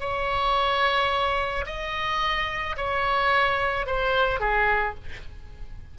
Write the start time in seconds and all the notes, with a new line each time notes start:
0.00 C#5
1.66 D#5
2.77 C#5
3.86 C5
4.40 G#4